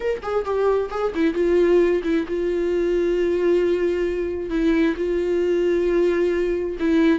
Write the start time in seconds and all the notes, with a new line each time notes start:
0.00 A#4
0.22 G#4
0.44 G4
0.90 G#4
1.14 E4
1.34 F4
2.03 E4
2.27 F4
4.49 E4
4.96 F4
6.79 E4